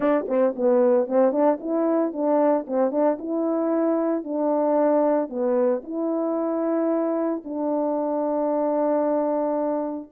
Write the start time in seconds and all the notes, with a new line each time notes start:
0.00 D4
0.28 C4
0.55 B3
1.07 C4
1.31 D4
1.60 E4
2.12 D4
2.67 C4
2.91 D4
3.18 E4
4.24 D4
5.29 B3
5.83 E4
7.44 D4